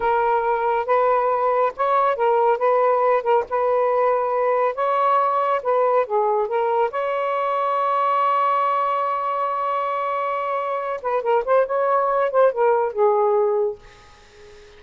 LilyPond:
\new Staff \with { instrumentName = "saxophone" } { \time 4/4 \tempo 4 = 139 ais'2 b'2 | cis''4 ais'4 b'4. ais'8 | b'2. cis''4~ | cis''4 b'4 gis'4 ais'4 |
cis''1~ | cis''1~ | cis''4. b'8 ais'8 c''8 cis''4~ | cis''8 c''8 ais'4 gis'2 | }